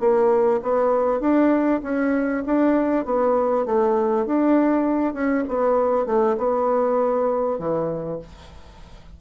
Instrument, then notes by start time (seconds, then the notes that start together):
bassoon
0.00 A#3
0.62 B3
1.20 D4
1.83 C#4
2.46 D4
3.05 B3
3.66 A3
4.26 D4
5.14 C#4
5.48 B3
6.06 A3
6.37 B3
7.59 E3